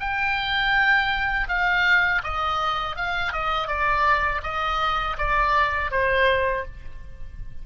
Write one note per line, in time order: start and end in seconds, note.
0.00 1.48 G5
1.48 2.23 F5
2.24 2.97 D#5
2.97 3.33 F5
3.33 3.68 D#5
3.68 4.42 D5
4.43 5.18 D#5
5.18 5.91 D5
5.91 6.65 C5